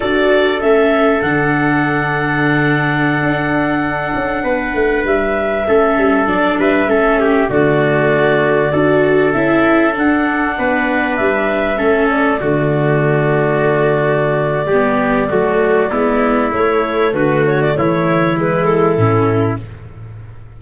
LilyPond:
<<
  \new Staff \with { instrumentName = "clarinet" } { \time 4/4 \tempo 4 = 98 d''4 e''4 fis''2~ | fis''1~ | fis''16 e''2 d''8 e''4~ e''16~ | e''16 d''2. e''8.~ |
e''16 fis''2 e''4. d''16~ | d''1~ | d''2. cis''4 | b'8 cis''16 d''16 cis''4 b'8 a'4. | }
  \new Staff \with { instrumentName = "trumpet" } { \time 4/4 a'1~ | a'2.~ a'16 b'8.~ | b'4~ b'16 a'4. b'8 a'8 g'16~ | g'16 fis'2 a'4.~ a'16~ |
a'4~ a'16 b'2 a'8.~ | a'16 fis'2.~ fis'8. | g'4 fis'4 e'2 | fis'4 e'2. | }
  \new Staff \with { instrumentName = "viola" } { \time 4/4 fis'4 cis'4 d'2~ | d'1~ | d'4~ d'16 cis'4 d'4 cis'8.~ | cis'16 a2 fis'4 e'8.~ |
e'16 d'2. cis'8.~ | cis'16 a2.~ a8. | b4 a4 b4 a4~ | a2 gis4 cis'4 | }
  \new Staff \with { instrumentName = "tuba" } { \time 4/4 d'4 a4 d2~ | d4~ d16 d'4. cis'8 b8 a16~ | a16 g4 a8 g8 fis8 g8 a8.~ | a16 d2 d'4 cis'8.~ |
cis'16 d'4 b4 g4 a8.~ | a16 d2.~ d8. | g4 fis4 gis4 a4 | d4 e2 a,4 | }
>>